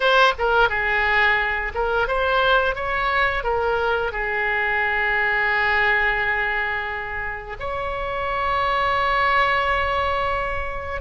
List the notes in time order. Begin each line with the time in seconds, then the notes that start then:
0.00 C5
0.38 A#4
0.69 G#4
1.74 A#4
2.07 C5
2.75 C#5
3.43 A#4
4.12 G#4
7.59 C#5